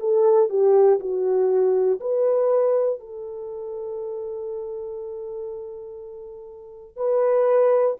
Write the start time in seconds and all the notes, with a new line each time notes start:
0.00 A4
0.50 G4
1.00 F#4
2.00 B4
3.00 A4
6.97 B4